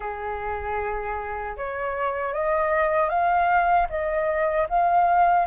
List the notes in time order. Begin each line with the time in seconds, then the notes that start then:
0.00 G#4
1.57 C#5
2.33 D#5
3.09 F5
3.89 D#5
4.69 F5